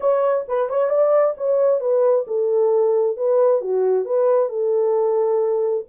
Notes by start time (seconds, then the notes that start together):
0.00 C#5
0.48 B4
0.69 C#5
0.89 D5
1.37 C#5
1.80 B4
2.27 A4
3.16 B4
3.61 F#4
4.05 B4
4.49 A4